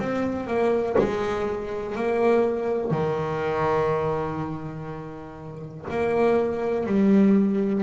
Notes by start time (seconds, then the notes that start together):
0.00 C4
0.47 A#3
0.99 G#3
1.96 A#3
2.91 D#3
5.91 A#3
6.87 G3